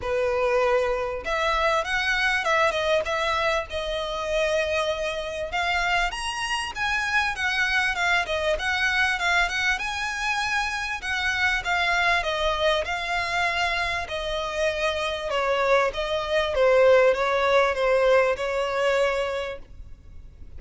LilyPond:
\new Staff \with { instrumentName = "violin" } { \time 4/4 \tempo 4 = 98 b'2 e''4 fis''4 | e''8 dis''8 e''4 dis''2~ | dis''4 f''4 ais''4 gis''4 | fis''4 f''8 dis''8 fis''4 f''8 fis''8 |
gis''2 fis''4 f''4 | dis''4 f''2 dis''4~ | dis''4 cis''4 dis''4 c''4 | cis''4 c''4 cis''2 | }